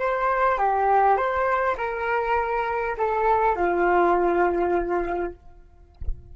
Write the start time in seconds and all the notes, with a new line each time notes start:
0.00 C5
0.58 G4
1.17 C5
1.78 A#4
2.98 A4
3.56 F4